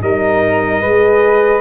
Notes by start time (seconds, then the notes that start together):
0.00 G3 D#4 A#4 D#5
0.81 G#3 G#4 B4